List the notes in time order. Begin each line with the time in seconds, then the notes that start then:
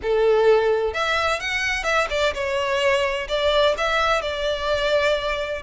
0.02 A4
0.93 E5
1.40 F#5
1.83 E5
2.10 D5
2.34 C#5
3.28 D5
3.77 E5
4.21 D5